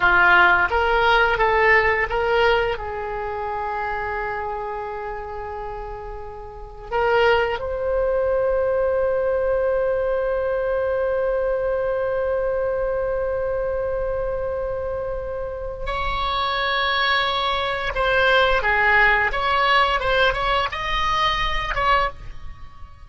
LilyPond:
\new Staff \with { instrumentName = "oboe" } { \time 4/4 \tempo 4 = 87 f'4 ais'4 a'4 ais'4 | gis'1~ | gis'2 ais'4 c''4~ | c''1~ |
c''1~ | c''2. cis''4~ | cis''2 c''4 gis'4 | cis''4 c''8 cis''8 dis''4. cis''8 | }